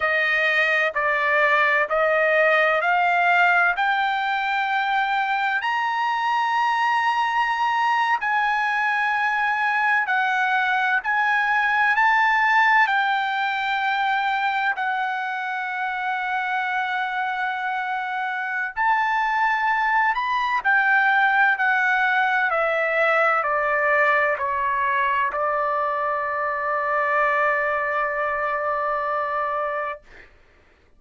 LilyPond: \new Staff \with { instrumentName = "trumpet" } { \time 4/4 \tempo 4 = 64 dis''4 d''4 dis''4 f''4 | g''2 ais''2~ | ais''8. gis''2 fis''4 gis''16~ | gis''8. a''4 g''2 fis''16~ |
fis''1 | a''4. b''8 g''4 fis''4 | e''4 d''4 cis''4 d''4~ | d''1 | }